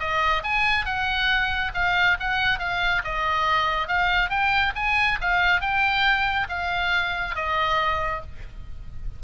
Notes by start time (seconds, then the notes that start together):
0.00 D#5
0.44 G#5
0.86 F#5
1.75 F5
2.20 F#5
2.59 F5
3.05 D#5
3.88 F5
4.30 G5
4.76 G#5
5.21 F5
5.61 G5
6.49 F5
7.36 D#5